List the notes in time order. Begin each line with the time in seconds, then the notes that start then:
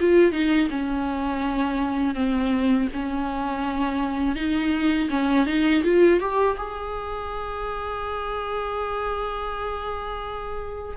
0.00 F4
0.32 D#4
0.70 C#4
2.15 C4
2.93 C#4
4.35 D#4
5.10 C#4
5.46 D#4
5.84 F4
6.20 G4
6.57 G#4